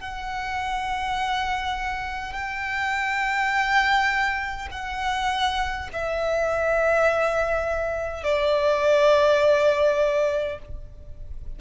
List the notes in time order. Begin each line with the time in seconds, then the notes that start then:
0.00 F#5
2.32 G5
4.71 F#5
5.93 E5
8.24 D5